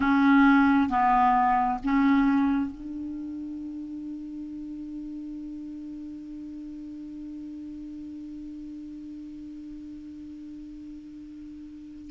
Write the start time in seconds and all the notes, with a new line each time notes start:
0.00 C#4
0.89 B3
1.84 C#4
2.71 D4